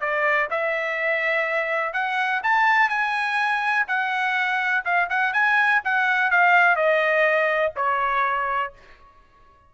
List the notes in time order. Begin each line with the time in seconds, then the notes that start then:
0.00 D5
0.50 E5
1.93 F#5
2.43 A5
2.89 G#5
3.87 F#5
4.85 F5
5.09 F#5
5.33 G#5
5.84 F#5
6.31 F5
6.76 D#5
7.76 C#5